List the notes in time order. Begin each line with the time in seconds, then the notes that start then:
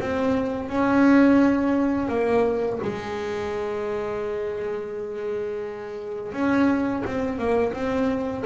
0.00 C4
0.69 C#4
2.08 A#3
2.82 G#3
6.32 C#4
7.05 C4
7.38 A#3
7.73 C4